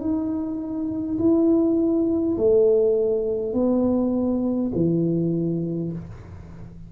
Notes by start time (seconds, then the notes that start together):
0.00 D#4
1.19 E4
2.37 A3
3.53 B3
4.74 E3